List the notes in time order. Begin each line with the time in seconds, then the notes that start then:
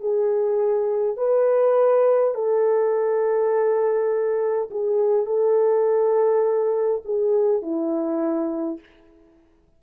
0.00 G#4
1.17 B4
2.34 A4
4.71 G#4
5.26 A4
7.05 G#4
7.62 E4